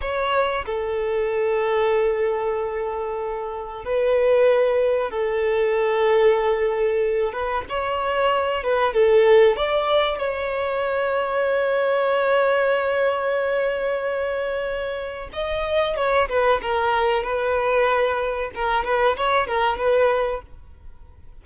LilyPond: \new Staff \with { instrumentName = "violin" } { \time 4/4 \tempo 4 = 94 cis''4 a'2.~ | a'2 b'2 | a'2.~ a'8 b'8 | cis''4. b'8 a'4 d''4 |
cis''1~ | cis''1 | dis''4 cis''8 b'8 ais'4 b'4~ | b'4 ais'8 b'8 cis''8 ais'8 b'4 | }